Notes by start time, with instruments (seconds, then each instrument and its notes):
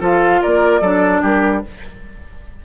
0.00 bassoon F3, clarinet F4, oboe A4, flute F5
0.42 bassoon A#3, oboe A#4, flute D5
0.81 bassoon F#3, clarinet D4, oboe A4
1.22 bassoon G3, oboe G4, flute A#4